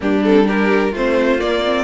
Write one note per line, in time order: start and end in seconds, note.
0.00 0.93 G3
0.00 0.21 A#3
0.00 0.46 D4
0.00 0.24 G4
0.24 0.45 C4
0.24 0.47 A4
0.45 0.91 D4
0.45 0.92 G4
0.45 0.94 A#4
0.92 1.39 A3
0.92 1.38 C4
0.92 1.84 F4
0.92 1.40 C5
1.38 1.62 A#3
1.38 1.84 A#3
1.38 1.84 D5
1.64 1.84 C4